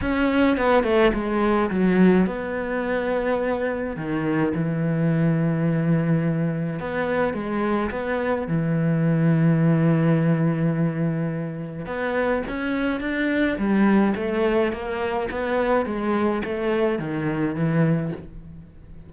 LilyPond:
\new Staff \with { instrumentName = "cello" } { \time 4/4 \tempo 4 = 106 cis'4 b8 a8 gis4 fis4 | b2. dis4 | e1 | b4 gis4 b4 e4~ |
e1~ | e4 b4 cis'4 d'4 | g4 a4 ais4 b4 | gis4 a4 dis4 e4 | }